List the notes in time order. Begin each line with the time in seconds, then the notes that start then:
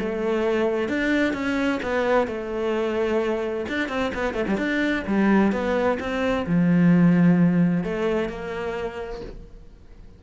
0.00 A3
0.89 D4
1.34 C#4
1.83 B3
2.28 A3
3.69 D4
3.89 C4
4.15 B3
4.34 A3
4.48 G3
4.58 D4
5.07 G3
5.53 B3
6.00 C4
6.47 F3
7.84 A3
8.29 A#3